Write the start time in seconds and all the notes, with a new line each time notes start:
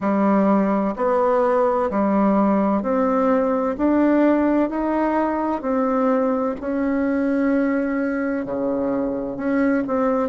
0.00 G3
0.96 B3
1.90 G3
2.82 C4
3.77 D4
4.69 D#4
5.61 C4
6.60 C#4
8.45 C#3
9.37 C#4
9.87 C4